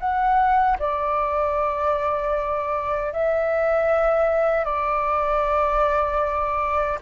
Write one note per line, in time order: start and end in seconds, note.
0.00 0.78 F#5
0.79 3.13 D5
3.13 4.65 E5
4.65 6.99 D5